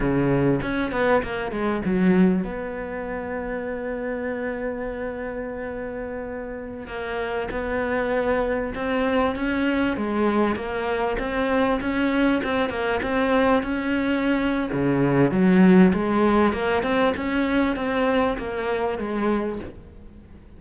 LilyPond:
\new Staff \with { instrumentName = "cello" } { \time 4/4 \tempo 4 = 98 cis4 cis'8 b8 ais8 gis8 fis4 | b1~ | b2.~ b16 ais8.~ | ais16 b2 c'4 cis'8.~ |
cis'16 gis4 ais4 c'4 cis'8.~ | cis'16 c'8 ais8 c'4 cis'4.~ cis'16 | cis4 fis4 gis4 ais8 c'8 | cis'4 c'4 ais4 gis4 | }